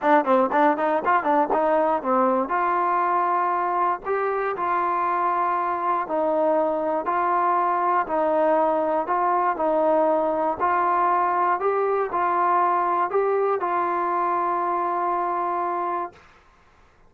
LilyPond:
\new Staff \with { instrumentName = "trombone" } { \time 4/4 \tempo 4 = 119 d'8 c'8 d'8 dis'8 f'8 d'8 dis'4 | c'4 f'2. | g'4 f'2. | dis'2 f'2 |
dis'2 f'4 dis'4~ | dis'4 f'2 g'4 | f'2 g'4 f'4~ | f'1 | }